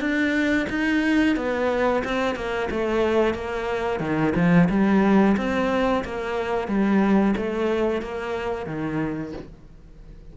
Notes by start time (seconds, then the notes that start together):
0.00 D4
0.70 D#4
1.36 B3
2.05 C4
2.35 A#3
2.71 A3
3.34 A#3
4.00 D#3
4.35 F3
4.70 G3
5.37 C4
6.05 A#3
6.68 G3
7.37 A3
8.02 A#3
8.67 D#3